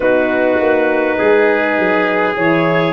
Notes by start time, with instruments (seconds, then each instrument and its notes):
0.00 tuba B3, horn D#4, trumpet F#4, clarinet B4
0.59 tuba A#3
1.17 tuba G#3, trumpet G#4
1.78 tuba F#3
2.36 tuba E3, horn E4, clarinet C#5